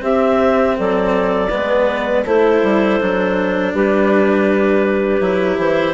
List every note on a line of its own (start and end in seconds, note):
0.00 1.48 C4
0.00 0.77 C4
0.00 0.77 G4
0.00 0.78 E5
0.77 1.52 F#3
0.77 1.51 A4
0.77 2.26 D5
1.50 2.25 G#3
1.50 2.24 B3
1.50 2.25 B4
2.25 2.62 A3
2.25 3.01 E4
2.25 3.75 A4
2.25 3.74 C5
2.63 3.00 G3
3.01 3.74 F#3
3.01 5.21 D4
3.74 5.20 G3
3.74 5.94 G4
3.74 5.58 B4
5.20 5.57 F#3
5.20 5.94 E4
5.58 5.94 E3
5.58 5.94 C5